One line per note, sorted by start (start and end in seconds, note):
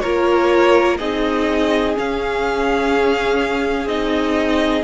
0.00 0.99 A#3
0.00 0.99 F4
0.00 0.98 A#4
0.00 0.97 C#5
0.97 1.96 C4
0.97 1.96 D#4
0.97 4.83 G#4
0.97 1.94 D#5
1.96 3.89 C#4
1.96 3.85 C#4
1.96 3.88 F5
3.85 4.82 C4
3.85 4.83 D#4
3.85 4.83 D#5